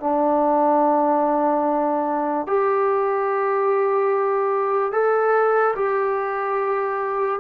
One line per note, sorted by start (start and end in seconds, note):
0.00 2.47 D4
2.47 4.92 G4
4.92 5.74 A4
5.76 7.40 G4